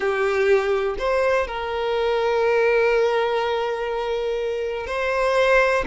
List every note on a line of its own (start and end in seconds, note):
0.00 0.96 G4
0.98 1.47 C5
1.47 4.86 A#4
4.86 5.84 C5